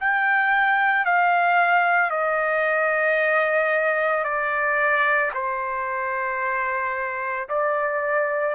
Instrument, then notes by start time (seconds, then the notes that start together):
trumpet
0.00 G5
1.06 F5
2.11 D#5
4.24 D5
5.34 C5
7.49 D5